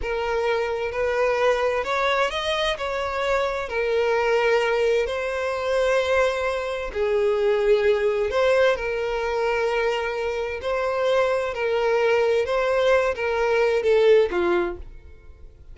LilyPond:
\new Staff \with { instrumentName = "violin" } { \time 4/4 \tempo 4 = 130 ais'2 b'2 | cis''4 dis''4 cis''2 | ais'2. c''4~ | c''2. gis'4~ |
gis'2 c''4 ais'4~ | ais'2. c''4~ | c''4 ais'2 c''4~ | c''8 ais'4. a'4 f'4 | }